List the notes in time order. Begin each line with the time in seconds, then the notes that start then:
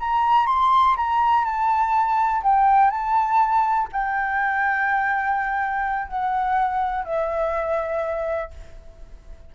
0.00 A#5
0.46 C6
0.96 A#5
1.44 A5
2.43 G5
2.91 A5
3.92 G5
6.08 F#5
7.04 E5